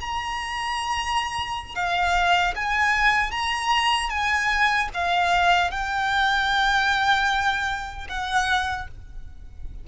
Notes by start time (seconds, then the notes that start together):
0.00 A#5
1.75 F5
2.55 G#5
3.31 A#5
4.09 G#5
4.94 F5
5.71 G5
8.08 F#5